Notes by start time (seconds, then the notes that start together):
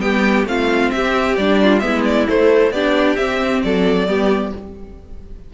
0.00 G3 B3 G4 G5
0.45 A3 C4 F4 F5
0.91 C4 G4 E5
1.36 G3 D4 D5
1.62 F4
1.79 G#3 B3 E5
1.85 E4
2.05 D5
2.28 A3 C5
2.71 B3 D4 G4 D5
3.16 C4 E5
3.63 F#3 A4 D5
4.07 G3 B3 G4